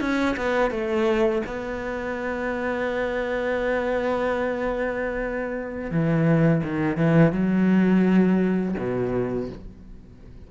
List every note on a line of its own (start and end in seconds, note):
0.00 0.36 C#4
0.36 0.70 B3
0.70 1.42 A3
1.46 5.91 B3
5.91 6.62 E3
6.63 6.97 D#3
6.97 7.32 E3
7.32 8.75 F#3
8.78 9.49 B2